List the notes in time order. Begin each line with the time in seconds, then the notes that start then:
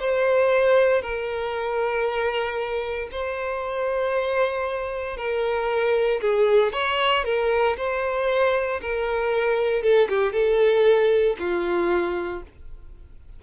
0.00 C5
1.02 A#4
3.12 C5
5.17 A#4
6.21 G#4
6.73 C#5
7.25 A#4
7.77 C5
8.82 A#4
9.83 A4
10.09 G4
10.33 A4
11.39 F4